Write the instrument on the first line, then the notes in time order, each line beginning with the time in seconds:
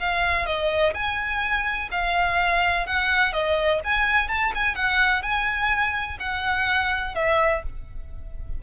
violin
0.00 F5
0.46 D#5
0.94 G#5
1.92 F5
2.87 F#5
3.33 D#5
3.84 G#5
4.29 A5
4.55 G#5
4.76 F#5
5.23 G#5
6.20 F#5
7.15 E5